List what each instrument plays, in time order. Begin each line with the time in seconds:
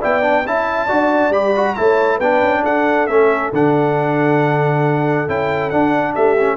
0.00 tuba B3, trombone E4, horn D5, trumpet G5
0.22 trombone D4
0.46 tuba C#4, trombone E4, horn E5, trumpet A5
0.87 tuba D4, trombone F#4, horn D5
1.31 tuba G3, trombone G4, trumpet B5
1.56 trombone F#4
1.75 tuba A3, trombone E4, horn C#5, trumpet A5
2.17 tuba B3, trombone D4, horn B4, trumpet G5
2.43 tuba C#4
2.63 tuba D4, horn A4, trumpet F#5
3.07 tuba A3, trombone C#4, trumpet E5
3.53 tuba D3, trombone D4, trumpet F#5
5.28 tuba C#4, trombone E4, trumpet G5
5.70 trombone D4, tuba D4, trumpet F#5
6.14 tuba A3, horn G4, trumpet E5
6.38 trombone C#4